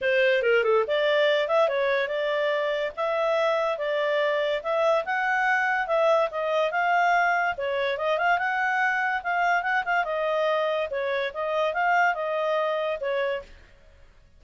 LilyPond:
\new Staff \with { instrumentName = "clarinet" } { \time 4/4 \tempo 4 = 143 c''4 ais'8 a'8 d''4. e''8 | cis''4 d''2 e''4~ | e''4 d''2 e''4 | fis''2 e''4 dis''4 |
f''2 cis''4 dis''8 f''8 | fis''2 f''4 fis''8 f''8 | dis''2 cis''4 dis''4 | f''4 dis''2 cis''4 | }